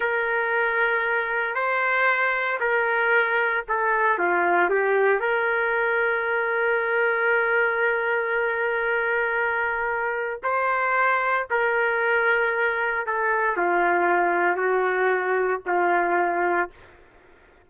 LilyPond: \new Staff \with { instrumentName = "trumpet" } { \time 4/4 \tempo 4 = 115 ais'2. c''4~ | c''4 ais'2 a'4 | f'4 g'4 ais'2~ | ais'1~ |
ais'1 | c''2 ais'2~ | ais'4 a'4 f'2 | fis'2 f'2 | }